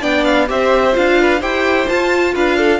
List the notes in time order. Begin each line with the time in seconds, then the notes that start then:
0.00 B3 D4 D5 G5
0.24 F5
0.47 C4 G4 C5 E5
0.93 D4 F4 F5
1.21 B4
1.40 E4 G4 C5 G5
1.88 F4 A5
2.34 D4 B4 F5
2.57 A4